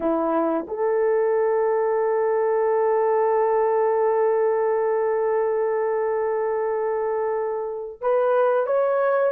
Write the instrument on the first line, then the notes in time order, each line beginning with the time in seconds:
horn
0.00 E4
0.67 A4
8.01 B4
8.66 C#5